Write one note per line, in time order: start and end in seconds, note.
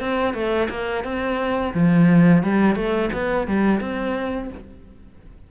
0.00 0.34 C4
0.34 0.68 A3
0.70 1.04 A#3
1.04 1.73 C4
1.74 2.43 F3
2.43 2.76 G3
2.76 3.10 A3
3.13 3.47 B3
3.47 3.80 G3
3.80 4.49 C4